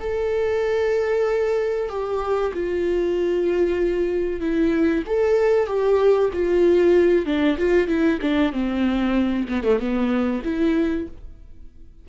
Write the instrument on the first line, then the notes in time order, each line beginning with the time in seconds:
viola
0.00 A4
1.89 G4
2.54 F4
4.40 E4
5.07 A4
5.67 G4
6.33 F4
7.26 D4
7.58 F4
7.88 E4
8.22 D4
8.53 C4
9.48 B3
9.64 A3
9.79 B3
10.44 E4